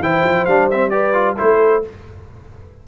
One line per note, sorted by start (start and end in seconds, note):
0.00 0.23 E3
0.00 0.49 E4
0.00 0.91 C5
0.00 0.46 G5
0.24 0.46 F3
0.46 1.39 G3
0.46 0.71 D4
0.46 0.68 F5
0.71 0.91 C4
0.71 0.90 E5
0.90 1.14 G4
0.90 1.37 B4
0.90 1.36 D5
1.14 1.37 F4
1.37 1.88 A3
1.37 1.83 E4
1.37 1.85 A4
1.37 1.84 C5